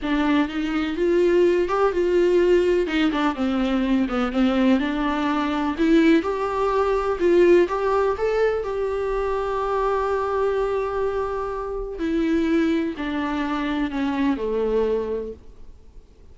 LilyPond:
\new Staff \with { instrumentName = "viola" } { \time 4/4 \tempo 4 = 125 d'4 dis'4 f'4. g'8 | f'2 dis'8 d'8 c'4~ | c'8 b8 c'4 d'2 | e'4 g'2 f'4 |
g'4 a'4 g'2~ | g'1~ | g'4 e'2 d'4~ | d'4 cis'4 a2 | }